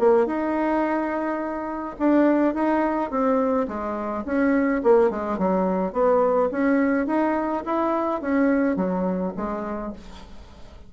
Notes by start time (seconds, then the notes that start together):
0.00 A#3
0.27 D#4
1.99 D4
2.55 D#4
3.11 C4
3.68 G#3
4.26 C#4
4.84 A#3
5.10 G#3
5.38 F#3
5.93 B3
6.51 C#4
7.07 D#4
7.66 E4
8.22 C#4
8.77 F#3
9.37 G#3